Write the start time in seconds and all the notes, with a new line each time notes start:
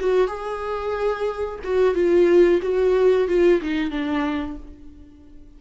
0.00 F#4
0.28 G#4
1.64 F#4
1.95 F4
2.62 F#4
3.28 F4
3.61 D#4
3.91 D4